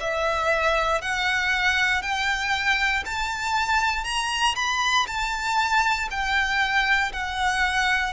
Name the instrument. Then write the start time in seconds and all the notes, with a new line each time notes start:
violin
0.00 E5
1.01 F#5
2.02 G5
3.05 A5
4.04 A#5
4.55 B5
5.07 A5
6.10 G5
7.12 F#5